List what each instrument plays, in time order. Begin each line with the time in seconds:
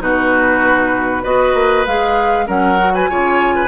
0.00 bassoon B2, clarinet D#4, oboe F#4, flute B4
1.23 bassoon B3, clarinet F#4, oboe B4, flute D#5
1.54 bassoon A#3
1.86 bassoon G#3, clarinet G#4, flute F5
2.46 bassoon F#3, clarinet C#4, oboe A#4, flute F#5
2.79 clarinet F#4
2.94 oboe B4, flute G#5
3.09 bassoon C#3, clarinet F4, oboe C#5
3.55 oboe B4